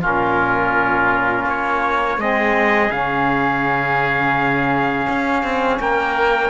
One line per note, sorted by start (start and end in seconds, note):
0.00 1.45 A#2
0.00 2.17 C#4
0.00 2.18 F4
0.00 1.48 A#4
1.45 2.17 A#3
1.45 2.20 C#5
2.17 2.89 G#3
2.17 2.91 C4
2.17 5.81 G#4
2.17 2.91 D#5
2.90 5.07 C#3
2.90 6.50 C#4
2.90 5.80 F5
5.09 5.43 C#4
5.43 5.79 C4
5.80 6.50 A#3
5.80 6.50 A#4
5.80 6.50 G5